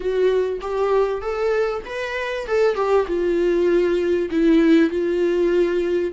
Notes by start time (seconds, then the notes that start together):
0.00 F#4
0.60 G4
1.21 A4
1.85 B4
2.47 A4
2.75 G4
3.07 F4
4.30 E4
4.90 F4